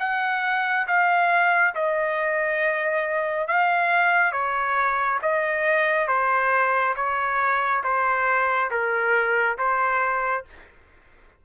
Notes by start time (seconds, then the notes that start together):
0.00 F#5
0.88 F5
1.75 D#5
3.48 F5
4.33 C#5
5.23 D#5
6.08 C5
6.96 C#5
7.84 C5
8.71 A#4
9.58 C5